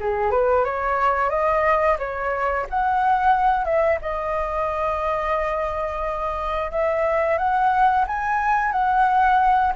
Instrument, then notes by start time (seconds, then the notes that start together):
flute
0.00 G#4
0.31 B4
0.65 C#5
1.30 D#5
1.99 C#5
2.70 F#5
3.65 E5
4.02 D#5
6.71 E5
7.38 F#5
8.07 G#5
8.72 F#5